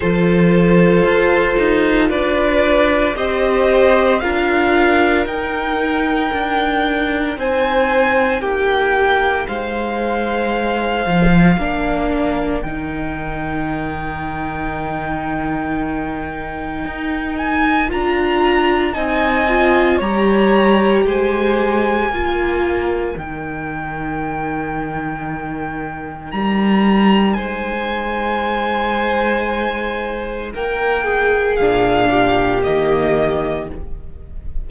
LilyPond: <<
  \new Staff \with { instrumentName = "violin" } { \time 4/4 \tempo 4 = 57 c''2 d''4 dis''4 | f''4 g''2 gis''4 | g''4 f''2. | g''1~ |
g''8 gis''8 ais''4 gis''4 ais''4 | gis''2 g''2~ | g''4 ais''4 gis''2~ | gis''4 g''4 f''4 dis''4 | }
  \new Staff \with { instrumentName = "violin" } { \time 4/4 a'2 b'4 c''4 | ais'2. c''4 | g'4 c''2 ais'4~ | ais'1~ |
ais'2 dis''4 cis''4 | c''4 ais'2.~ | ais'2 c''2~ | c''4 ais'8 gis'4 g'4. | }
  \new Staff \with { instrumentName = "viola" } { \time 4/4 f'2. g'4 | f'4 dis'2.~ | dis'2. d'4 | dis'1~ |
dis'4 f'4 dis'8 f'8 g'4~ | g'4 f'4 dis'2~ | dis'1~ | dis'2 d'4 ais4 | }
  \new Staff \with { instrumentName = "cello" } { \time 4/4 f4 f'8 dis'8 d'4 c'4 | d'4 dis'4 d'4 c'4 | ais4 gis4. f8 ais4 | dis1 |
dis'4 d'4 c'4 g4 | gis4 ais4 dis2~ | dis4 g4 gis2~ | gis4 ais4 ais,4 dis4 | }
>>